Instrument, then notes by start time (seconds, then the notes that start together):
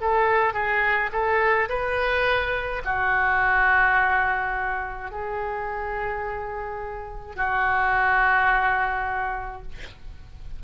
oboe
0.00 A4
0.53 G#4
1.12 A4
1.69 B4
2.84 F#4
5.11 G#4
7.35 F#4